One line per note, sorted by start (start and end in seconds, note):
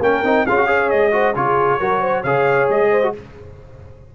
0.00 0.22 A#3
0.00 0.25 C#4
0.00 0.46 A#4
0.00 0.47 G5
0.24 0.46 C4
0.24 0.47 D#4
0.46 0.93 C#4
0.46 0.57 F4
0.46 0.67 G#4
0.46 0.90 F5
0.57 0.67 F#4
0.67 1.11 G#4
0.67 1.11 C#5
0.90 1.36 G#3
0.90 1.35 D#5
1.12 1.34 F#4
1.12 1.35 C5
1.36 1.80 C#3
1.36 1.80 F4
1.36 1.80 G#4
1.36 2.24 C#5
1.80 2.24 F#3
1.80 2.25 F#4
1.80 2.01 A#4
2.01 2.22 C5
2.22 2.68 C#3
2.22 3.03 G#4
2.22 2.88 C#5
2.22 2.68 F5
2.70 3.14 G#3
2.70 3.15 D#5
2.91 3.13 C5
3.03 3.14 F#4